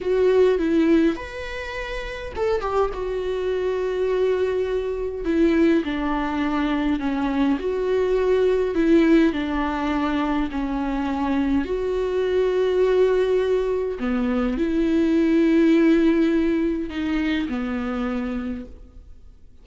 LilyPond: \new Staff \with { instrumentName = "viola" } { \time 4/4 \tempo 4 = 103 fis'4 e'4 b'2 | a'8 g'8 fis'2.~ | fis'4 e'4 d'2 | cis'4 fis'2 e'4 |
d'2 cis'2 | fis'1 | b4 e'2.~ | e'4 dis'4 b2 | }